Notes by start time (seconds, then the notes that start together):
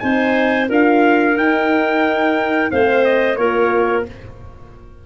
0.00 C4 D#4 C5 G#5
0.68 D4 F4 A#4 F5
1.36 D#4 G5
2.71 A3 C4 C5 F5
3.05 D#5
3.36 A#3 F4 A#4 C#5